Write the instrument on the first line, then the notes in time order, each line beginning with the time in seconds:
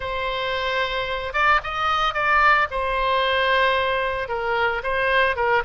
oboe
0.00 C5
1.33 D5
1.63 D#5
2.14 D5
2.70 C5
4.28 A#4
4.83 C5
5.36 A#4